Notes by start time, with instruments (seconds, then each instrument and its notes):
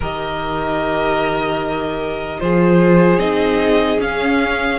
0.00 cello D#3, viola G4, violin A#4 D#5
2.39 cello F3, viola F4, violin G#4 C5
3.18 cello C4, viola D#4, violin D#5
3.98 viola C#4, cello C#4, violin F5